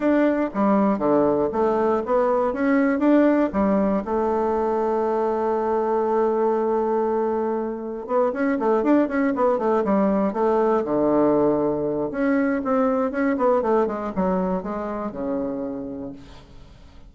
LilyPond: \new Staff \with { instrumentName = "bassoon" } { \time 4/4 \tempo 4 = 119 d'4 g4 d4 a4 | b4 cis'4 d'4 g4 | a1~ | a1 |
b8 cis'8 a8 d'8 cis'8 b8 a8 g8~ | g8 a4 d2~ d8 | cis'4 c'4 cis'8 b8 a8 gis8 | fis4 gis4 cis2 | }